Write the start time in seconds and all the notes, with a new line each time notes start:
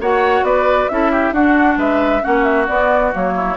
0.00 A#3 F#4 C#5 F#5
0.42 B3 B4 D5
0.88 C#4 E4 A4 E5
1.11 G4
1.31 D4 F#4 F#5
1.77 G#3 B4 E5
2.21 A#3 C#4 F#4 F#5
2.43 E5
2.67 B3 D5
3.12 F#3 A#3 C#5
3.34 E4